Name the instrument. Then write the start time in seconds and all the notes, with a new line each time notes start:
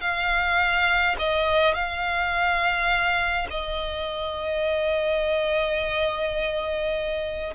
violin
0.00 F5
1.18 D#5
1.74 F5
3.50 D#5